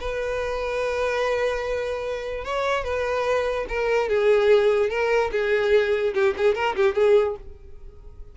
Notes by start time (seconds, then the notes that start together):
0.00 B4
2.44 C#5
2.84 B4
3.69 A#4
4.09 G#4
4.90 A#4
5.32 G#4
6.14 G4
6.37 G#4
6.55 A#4
6.76 G4
6.95 G#4